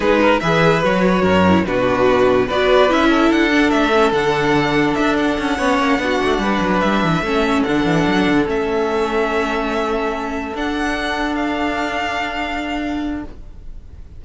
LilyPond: <<
  \new Staff \with { instrumentName = "violin" } { \time 4/4 \tempo 4 = 145 b'4 e''4 cis''2 | b'2 d''4 e''4 | fis''4 e''4 fis''2 | e''8 fis''2.~ fis''8~ |
fis''8 e''2 fis''4.~ | fis''8 e''2.~ e''8~ | e''4. fis''2 f''8~ | f''1 | }
  \new Staff \with { instrumentName = "violin" } { \time 4/4 gis'8 ais'8 b'2 ais'4 | fis'2 b'4. a'8~ | a'1~ | a'4. cis''4 fis'4 b'8~ |
b'4. a'2~ a'8~ | a'1~ | a'1~ | a'1 | }
  \new Staff \with { instrumentName = "viola" } { \time 4/4 dis'4 gis'4 fis'4. e'8 | d'2 fis'4 e'4~ | e'8 d'4 cis'8 d'2~ | d'4. cis'4 d'4.~ |
d'4. cis'4 d'4.~ | d'8 cis'2.~ cis'8~ | cis'4. d'2~ d'8~ | d'1 | }
  \new Staff \with { instrumentName = "cello" } { \time 4/4 gis4 e4 fis4 fis,4 | b,2 b4 cis'4 | d'4 a4 d2 | d'4 cis'8 b8 ais8 b8 a8 g8 |
fis8 g8 e8 a4 d8 e8 fis8 | d8 a2.~ a8~ | a4. d'2~ d'8~ | d'1 | }
>>